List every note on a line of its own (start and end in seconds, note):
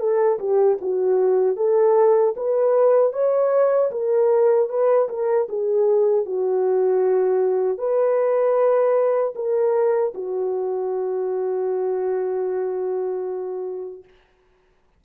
0.00 0.39 A4
0.40 0.79 G4
0.82 1.57 F#4
1.57 2.35 A4
2.37 3.13 B4
3.13 3.91 C#5
3.92 4.70 A#4
4.70 5.09 B4
5.09 5.48 A#4
5.49 6.26 G#4
6.26 7.79 F#4
7.79 9.34 B4
9.36 10.14 A#4
10.15 14.04 F#4